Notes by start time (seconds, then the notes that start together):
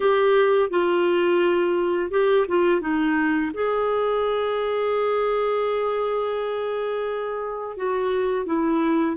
0.00 G4
0.69 F4
2.10 G4
2.48 F4
2.80 D#4
3.53 G#4
7.76 F#4
8.45 E4